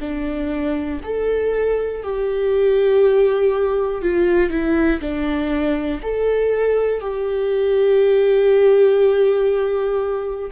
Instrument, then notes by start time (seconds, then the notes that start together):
viola
0.00 D4
1.04 A4
2.03 G4
4.01 F4
4.50 E4
5.01 D4
6.02 A4
7.01 G4